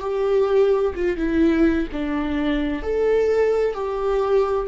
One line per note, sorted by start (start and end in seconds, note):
0.00 0.94 G4
0.95 1.17 F4
1.17 1.87 E4
1.92 2.83 D4
2.83 3.74 A4
3.74 4.68 G4